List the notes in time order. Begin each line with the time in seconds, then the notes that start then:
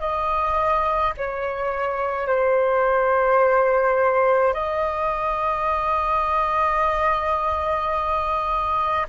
0.00 D#5
1.17 C#5
2.27 C5
4.54 D#5